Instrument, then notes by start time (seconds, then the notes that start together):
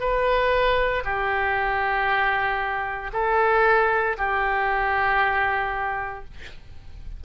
oboe
0.00 B4
1.05 G4
3.13 A4
4.18 G4